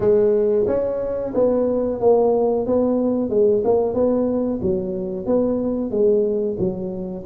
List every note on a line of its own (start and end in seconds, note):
0.00 0.66 G#3
0.67 1.33 C#4
1.34 2.00 B3
2.00 2.66 A#3
2.66 3.29 B3
3.29 3.62 G#3
3.64 3.94 A#3
3.94 4.60 B3
4.62 5.25 F#3
5.25 5.90 B3
5.90 6.56 G#3
6.58 7.24 F#3